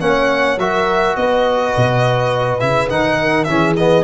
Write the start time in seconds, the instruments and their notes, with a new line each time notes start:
0.00 tuba A#3, trombone C#4, horn C#5, violin F#5
0.57 tuba F#3, trombone F#4, horn A#4, violin E5
1.16 tuba B3, horn B4, violin D#5
1.76 tuba B2
2.59 tuba C#3, trombone E4, violin E5
2.89 tuba D#3, trombone D#4, violin F#5
3.20 horn A#4
3.44 tuba E3, trombone C#4, violin E5
3.50 horn G#4
3.77 trombone B3, violin D#5